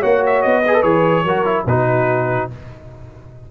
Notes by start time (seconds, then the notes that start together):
0.00 A#3 F#4 C#5 F#5
0.26 E5
0.43 B3 D#5
0.64 G#4 B4
0.74 A4
0.83 E3 G#4 C#5
1.24 F#3 F#4 A#4
1.45 E4
1.66 B2 D#4 F#4 B4